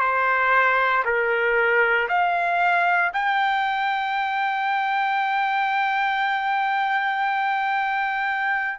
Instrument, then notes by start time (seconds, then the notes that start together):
trumpet
0.00 C5
1.04 A#4
2.08 F5
3.13 G5